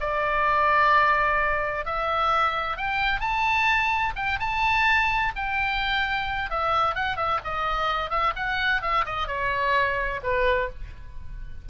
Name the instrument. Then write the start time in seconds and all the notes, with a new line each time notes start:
oboe
0.00 D5
1.85 E5
2.77 G5
3.20 A5
4.15 G5
4.39 A5
5.36 G5
6.50 E5
6.95 F#5
7.16 E5
7.44 D#5
8.10 E5
8.36 F#5
8.82 E5
9.05 D#5
9.27 C#5
10.23 B4